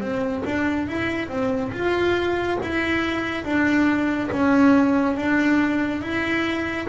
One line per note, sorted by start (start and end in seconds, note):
0.00 0.43 C4
0.45 0.87 D4
0.87 1.28 E4
1.28 1.71 C4
1.72 2.58 F4
2.62 3.44 E4
3.44 4.30 D4
4.31 5.16 C#4
5.16 6.01 D4
6.01 6.87 E4